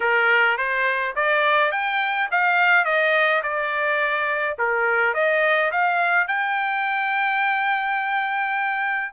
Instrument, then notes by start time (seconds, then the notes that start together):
trumpet
0.00 A#4
0.57 C5
1.15 D5
1.71 G5
2.31 F5
2.84 D#5
3.42 D5
4.58 A#4
5.14 D#5
5.71 F5
6.27 G5